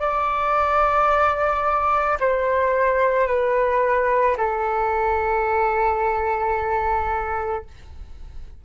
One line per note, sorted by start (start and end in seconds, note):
0.00 2.18 D5
2.21 3.28 C5
3.28 4.37 B4
4.38 7.65 A4